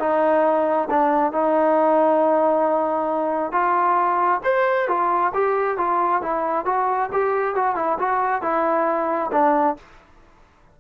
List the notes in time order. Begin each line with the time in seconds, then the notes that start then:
0.00 D#4
0.90 D4
1.33 D#4
3.52 F4
4.44 C5
4.88 F4
5.35 G4
5.78 F4
6.23 E4
6.65 F#4
7.13 G4
7.56 F#4
7.76 E4
7.99 F#4
8.42 E4
9.32 D4